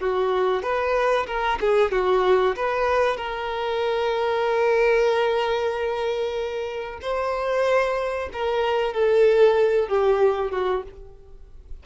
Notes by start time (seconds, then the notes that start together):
0.00 F#4
0.63 B4
1.27 A#4
1.60 G#4
1.92 F#4
2.56 B4
3.17 A#4
7.02 C5
8.33 A#4
8.94 A4
9.88 G4
10.51 F#4